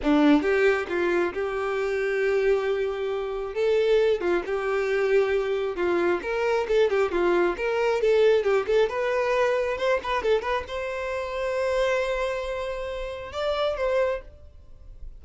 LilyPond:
\new Staff \with { instrumentName = "violin" } { \time 4/4 \tempo 4 = 135 d'4 g'4 f'4 g'4~ | g'1 | a'4. f'8 g'2~ | g'4 f'4 ais'4 a'8 g'8 |
f'4 ais'4 a'4 g'8 a'8 | b'2 c''8 b'8 a'8 b'8 | c''1~ | c''2 d''4 c''4 | }